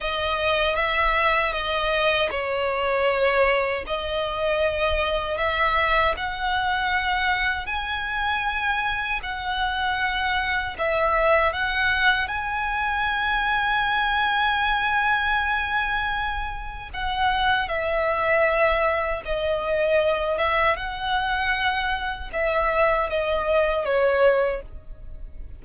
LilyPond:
\new Staff \with { instrumentName = "violin" } { \time 4/4 \tempo 4 = 78 dis''4 e''4 dis''4 cis''4~ | cis''4 dis''2 e''4 | fis''2 gis''2 | fis''2 e''4 fis''4 |
gis''1~ | gis''2 fis''4 e''4~ | e''4 dis''4. e''8 fis''4~ | fis''4 e''4 dis''4 cis''4 | }